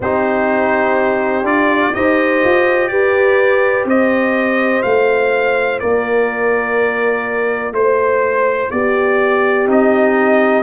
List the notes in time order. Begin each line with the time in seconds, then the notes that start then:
0.00 C4 D#4 G4 C5
1.42 D4 F4 D5
1.93 D#4 G4 C5 D#5
2.44 F4
2.87 G4 B4 D5
3.84 C4 C5 D#5
4.82 A3 F4 F5
5.79 A#3 A#4 D5
7.71 A3 C5
8.70 B3 G4 D5
9.66 C4 D#4 D#5